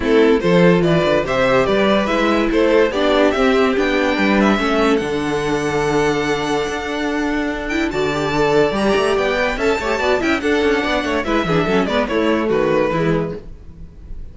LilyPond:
<<
  \new Staff \with { instrumentName = "violin" } { \time 4/4 \tempo 4 = 144 a'4 c''4 d''4 e''4 | d''4 e''4 c''4 d''4 | e''4 g''4. e''4. | fis''1~ |
fis''2~ fis''8 g''8 a''4~ | a''4 ais''4 g''4 a''4~ | a''8 g''8 fis''2 e''4~ | e''8 d''8 cis''4 b'2 | }
  \new Staff \with { instrumentName = "violin" } { \time 4/4 e'4 a'4 b'4 c''4 | b'2 a'4 g'4~ | g'2 b'4 a'4~ | a'1~ |
a'2. d''4~ | d''2. e''8 cis''8 | d''8 e''8 a'4 d''8 cis''8 b'8 gis'8 | a'8 b'8 e'4 fis'4 e'4 | }
  \new Staff \with { instrumentName = "viola" } { \time 4/4 c'4 f'2 g'4~ | g'4 e'2 d'4 | c'4 d'2 cis'4 | d'1~ |
d'2~ d'8 e'8 fis'8 g'8 | a'4 g'4. b'8 a'8 g'8 | fis'8 e'8 d'2 e'8 d'8 | cis'8 b8 a2 gis4 | }
  \new Staff \with { instrumentName = "cello" } { \time 4/4 a4 f4 e8 d8 c4 | g4 gis4 a4 b4 | c'4 b4 g4 a4 | d1 |
d'2. d4~ | d4 g8 a8 b4 cis'8 a8 | b8 cis'8 d'8 cis'8 b8 a8 gis8 e8 | fis8 gis8 a4 dis4 e4 | }
>>